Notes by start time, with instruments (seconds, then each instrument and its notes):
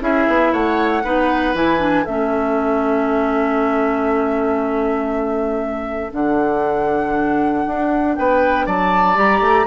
0.00 bassoon C#4, clarinet E4, oboe G#4, flute E5
0.27 bassoon B3
0.52 bassoon A3, oboe C#5, flute F#5
1.03 bassoon B3, clarinet D#4, oboe B4
1.53 bassoon E3, clarinet E4, flute G#5
1.79 clarinet D4
2.03 bassoon A3, clarinet C#4, oboe A4, flute E5
6.10 bassoon D3, clarinet D4, flute F#5
7.66 bassoon D4
8.15 bassoon B3, oboe B4, flute G5
8.65 bassoon F#3, oboe D5, flute A5
9.15 bassoon G3, clarinet G4, flute A#5
9.40 bassoon A3